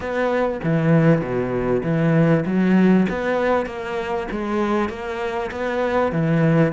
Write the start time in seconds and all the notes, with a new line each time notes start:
0.00 B3
0.63 E3
1.21 B2
1.83 E3
2.45 F#3
3.09 B3
3.66 A#3
4.31 G#3
4.89 A#3
5.51 B3
6.11 E3